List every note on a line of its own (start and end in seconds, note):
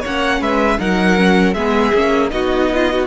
0.00 0.40 A#3
0.00 0.79 C#4
0.00 0.38 C#5
0.00 0.42 F#5
0.40 0.78 G#3
0.40 0.78 B4
0.40 0.79 E5
0.79 1.54 F#3
0.79 1.17 D#4
0.79 1.54 A#4
0.79 1.53 F#5
1.17 1.55 C#4
1.53 1.92 G#3
1.53 1.95 B3
1.53 2.30 G#4
1.53 2.29 E5
1.94 2.32 A#3
1.94 2.30 C#4
2.30 3.07 B3
2.30 3.06 D#4
2.30 2.71 F#4
2.30 3.07 D#5
2.74 2.92 F4
2.92 3.07 F#4